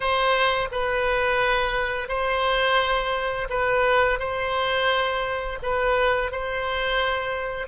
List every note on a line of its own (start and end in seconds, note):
0.00 0.68 C5
0.71 2.08 B4
2.08 3.48 C5
3.49 4.19 B4
4.19 5.58 C5
5.62 6.31 B4
6.31 7.67 C5